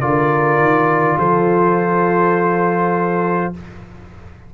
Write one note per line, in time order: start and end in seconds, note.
0.00 0.57 D3
0.00 3.53 F4
0.00 1.18 A#4
0.00 1.18 D5
0.57 1.16 D#3
1.17 3.52 F3
1.17 3.53 A4
1.17 3.54 C5